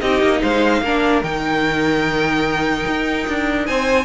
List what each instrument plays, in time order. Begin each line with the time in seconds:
0.00 cello C4, viola D#4, violin G4 D#5
0.21 cello A#3
0.41 cello G#3, violin C5 F5
0.81 cello A#3, viola D4, violin A#4
1.22 cello D#3, viola D#4, violin G5
2.86 cello D#4
3.27 cello D4
3.65 cello C4, violin C5 G#5